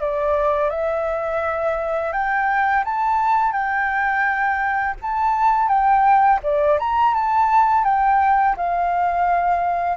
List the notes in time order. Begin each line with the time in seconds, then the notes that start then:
0.00 D5
0.69 E5
2.12 G5
2.85 A5
3.52 G5
5.02 A5
5.68 G5
6.43 D5
6.79 A#5
7.14 A5
7.84 G5
8.56 F5